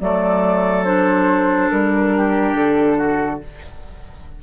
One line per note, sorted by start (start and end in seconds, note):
0.00 1.71 F#3
0.00 0.86 A3
0.00 2.16 A4
0.00 0.84 D5
0.84 3.43 D4
0.84 1.70 C5
1.70 2.54 G3
1.70 2.56 A#4
2.16 2.97 G4
2.54 3.39 D3
2.54 3.41 A4
2.97 3.40 F#4